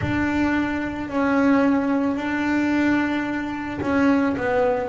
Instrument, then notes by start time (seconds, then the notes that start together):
double bass
0.01 D4
1.09 C#4
2.16 D4
3.81 C#4
4.36 B3